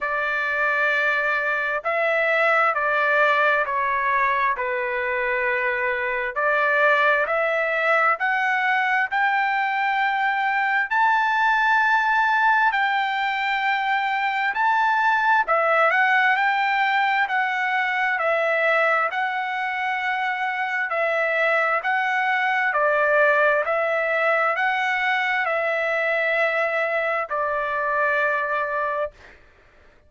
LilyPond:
\new Staff \with { instrumentName = "trumpet" } { \time 4/4 \tempo 4 = 66 d''2 e''4 d''4 | cis''4 b'2 d''4 | e''4 fis''4 g''2 | a''2 g''2 |
a''4 e''8 fis''8 g''4 fis''4 | e''4 fis''2 e''4 | fis''4 d''4 e''4 fis''4 | e''2 d''2 | }